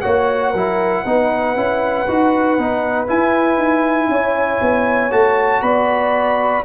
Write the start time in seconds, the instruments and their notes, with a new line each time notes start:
0.00 tuba A#3, trombone F#4, horn C#5, trumpet F#5
0.50 tuba F#3, trombone E4, horn A#4
1.04 tuba B3, trombone D#4, horn B4
1.56 tuba C#4, trombone E4
2.07 tuba D#4, trombone F#4
2.57 tuba B3, trombone D#4
3.07 trombone E4, tuba E4, trumpet G#5
3.57 tuba D#4
4.08 tuba C#4, horn C#5
4.61 tuba B3
5.10 tuba A3, trombone F#4, trumpet A5
5.61 tuba B3, horn D5, trumpet B5